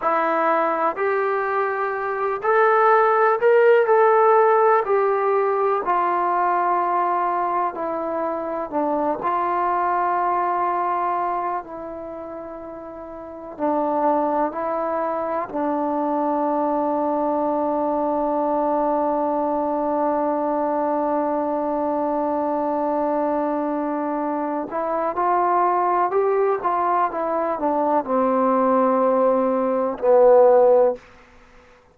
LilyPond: \new Staff \with { instrumentName = "trombone" } { \time 4/4 \tempo 4 = 62 e'4 g'4. a'4 ais'8 | a'4 g'4 f'2 | e'4 d'8 f'2~ f'8 | e'2 d'4 e'4 |
d'1~ | d'1~ | d'4. e'8 f'4 g'8 f'8 | e'8 d'8 c'2 b4 | }